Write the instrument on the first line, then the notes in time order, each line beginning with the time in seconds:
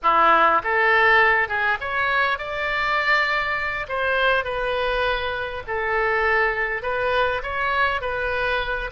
oboe
0.02 E4
0.63 A4
1.48 G#4
1.80 C#5
2.38 D5
3.88 C5
4.44 B4
5.67 A4
6.82 B4
7.42 C#5
8.01 B4